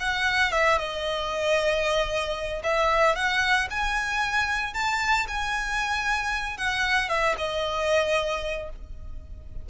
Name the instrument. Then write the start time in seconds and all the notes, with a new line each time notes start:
violin
0.00 F#5
0.52 E5
0.78 D#5
2.64 E5
3.16 F#5
3.71 G#5
4.74 A5
5.28 G#5
6.58 F#5
7.09 E5
7.38 D#5